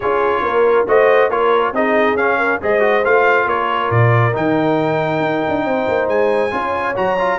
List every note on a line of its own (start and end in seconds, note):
0.00 0.41 C#4
0.00 0.87 F4
0.00 0.43 G#4
0.00 0.86 C#5
0.41 0.85 A#3
0.41 0.88 A#4
0.87 1.29 A3
0.87 1.30 F#4
0.87 1.30 C5
0.87 1.30 D#5
1.29 1.72 A#3
1.29 1.73 F4
1.29 1.73 A#4
1.29 1.74 C#5
1.72 2.14 C4
1.72 2.18 D#4
1.72 2.38 G#4
1.72 2.16 D#5
2.14 2.57 C#4
2.14 2.61 C#4
2.14 2.60 F5
2.38 2.59 A#4
2.61 3.05 G#3
2.61 2.79 G#4
2.61 3.48 C5
2.61 3.05 D#5
2.79 3.01 F#4
3.04 3.46 A3
3.04 4.32 F4
3.04 3.48 F5
3.46 3.89 A#3
3.46 5.65 A#4
3.46 3.91 C#5
3.89 4.33 A#2
3.89 4.34 D5
4.32 5.19 D#3
4.32 6.50 D#4
4.32 6.08 G5
5.19 5.41 D#4
5.48 5.64 D4
5.64 5.86 C4
5.64 6.52 C5
5.87 6.08 A#3
6.08 6.51 G#3
6.08 6.95 G#5
6.51 6.95 C#4
6.51 6.94 F4
6.51 7.38 C#5
6.95 7.38 F#3
6.95 7.17 F#4
6.95 7.38 A#5
7.19 7.38 F4